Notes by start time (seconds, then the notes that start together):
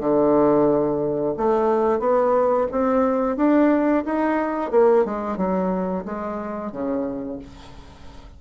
0.00 D3
1.37 A3
1.99 B3
2.72 C4
3.37 D4
4.05 D#4
4.71 A#3
5.05 G#3
5.37 F#3
6.05 G#3
6.71 C#3